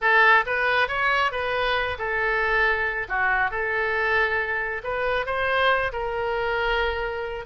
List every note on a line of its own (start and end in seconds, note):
0.01 0.44 A4
0.46 0.87 B4
0.87 1.31 C#5
1.31 1.97 B4
1.98 3.07 A4
3.08 3.50 F#4
3.50 4.82 A4
4.83 5.26 B4
5.26 5.91 C5
5.92 7.45 A#4